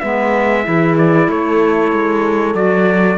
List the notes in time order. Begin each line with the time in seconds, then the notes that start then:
0.00 G#3 B3 B4 E5
0.64 E3 E4 G#4
0.98 D5
1.28 A3 A4 C#5
1.92 G#3
2.54 F#3 F#4 D5